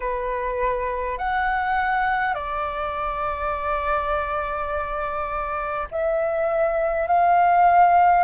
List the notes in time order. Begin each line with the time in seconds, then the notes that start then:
0.00 B4
1.18 F#5
2.34 D5
5.91 E5
7.07 F5